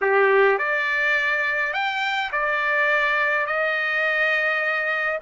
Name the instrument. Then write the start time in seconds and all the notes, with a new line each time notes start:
trumpet
0.01 G4
0.58 D5
1.73 G5
2.32 D5
3.46 D#5